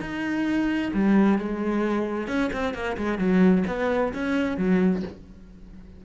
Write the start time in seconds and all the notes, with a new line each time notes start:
0.00 D#4
0.93 G3
1.38 G#3
2.27 C#4
2.53 C4
2.74 A#3
2.97 G#3
3.18 F#3
3.67 B3
4.13 C#4
4.57 F#3